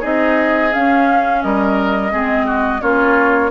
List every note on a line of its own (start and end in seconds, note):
0.00 0.74 C4
0.00 0.71 D#4
0.00 1.40 G#4
0.00 0.73 D#5
0.72 2.11 C#4
0.72 1.44 C#4
0.72 1.42 F5
1.42 2.12 G3
1.42 2.12 A#4
1.42 2.81 D#5
2.11 2.82 G#3
2.11 2.80 C4
2.11 2.46 G#4
2.46 2.81 F#4
2.80 3.50 A#3
2.80 3.50 C#4
2.80 3.50 F4
2.80 3.50 C#5